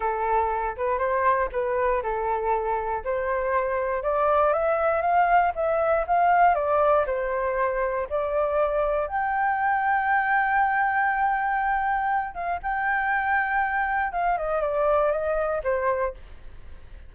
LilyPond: \new Staff \with { instrumentName = "flute" } { \time 4/4 \tempo 4 = 119 a'4. b'8 c''4 b'4 | a'2 c''2 | d''4 e''4 f''4 e''4 | f''4 d''4 c''2 |
d''2 g''2~ | g''1~ | g''8 f''8 g''2. | f''8 dis''8 d''4 dis''4 c''4 | }